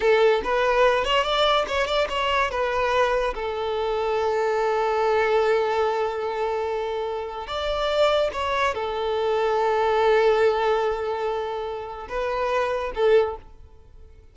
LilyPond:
\new Staff \with { instrumentName = "violin" } { \time 4/4 \tempo 4 = 144 a'4 b'4. cis''8 d''4 | cis''8 d''8 cis''4 b'2 | a'1~ | a'1~ |
a'2 d''2 | cis''4 a'2.~ | a'1~ | a'4 b'2 a'4 | }